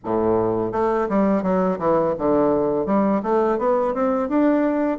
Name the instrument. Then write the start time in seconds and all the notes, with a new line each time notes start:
bassoon
0.04 A2
0.72 A3
1.09 G3
1.42 F#3
1.79 E3
2.18 D3
2.86 G3
3.22 A3
3.58 B3
3.94 C4
4.29 D4